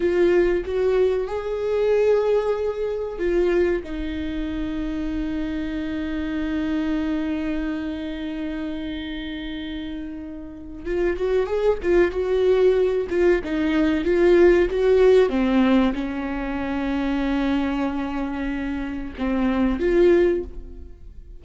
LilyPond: \new Staff \with { instrumentName = "viola" } { \time 4/4 \tempo 4 = 94 f'4 fis'4 gis'2~ | gis'4 f'4 dis'2~ | dis'1~ | dis'1~ |
dis'4 f'8 fis'8 gis'8 f'8 fis'4~ | fis'8 f'8 dis'4 f'4 fis'4 | c'4 cis'2.~ | cis'2 c'4 f'4 | }